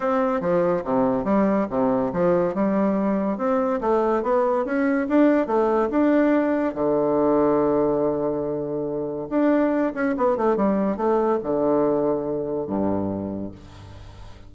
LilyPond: \new Staff \with { instrumentName = "bassoon" } { \time 4/4 \tempo 4 = 142 c'4 f4 c4 g4 | c4 f4 g2 | c'4 a4 b4 cis'4 | d'4 a4 d'2 |
d1~ | d2 d'4. cis'8 | b8 a8 g4 a4 d4~ | d2 g,2 | }